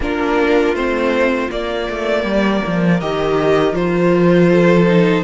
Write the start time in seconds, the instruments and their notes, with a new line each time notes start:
0.00 cello A#3, viola D4, violin F4 A#4
0.72 cello A3, viola C4, violin C5
1.50 viola A#3, cello A#3, violin D5
1.89 cello A3
2.23 cello G3, violin A#4
2.66 cello F3
3.00 cello D#3, viola G4, violin D#5
3.73 cello F3, viola F4, violin C5
4.49 violin A4
4.86 viola D#4